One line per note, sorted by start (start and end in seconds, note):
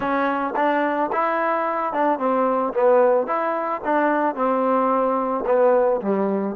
0.00 0.54 C#4
0.56 1.10 D4
1.12 1.93 E4
1.93 2.18 D4
2.18 2.73 C4
2.73 3.26 B3
3.26 3.81 E4
3.84 4.35 D4
4.35 5.44 C4
5.46 6.00 B3
6.01 6.55 G3